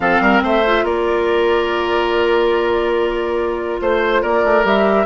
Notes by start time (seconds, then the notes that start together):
0.00 F3 C4 A4 F5
0.20 G3 A#4
0.42 A3 C5 E5
0.65 F4
0.83 A#3 A#4 D5
3.80 A3 C5
4.22 A#3 A#4 D5
4.44 A3
4.63 G3 G4 E5